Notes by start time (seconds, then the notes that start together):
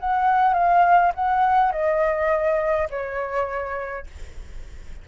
0.00 F#5
0.54 F5
1.15 F#5
1.72 D#5
2.90 C#5